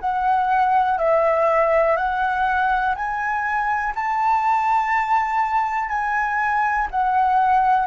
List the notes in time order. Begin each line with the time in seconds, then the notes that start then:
0.00 F#5
0.98 E5
1.97 F#5
2.96 G#5
3.96 A5
5.89 G#5
6.91 F#5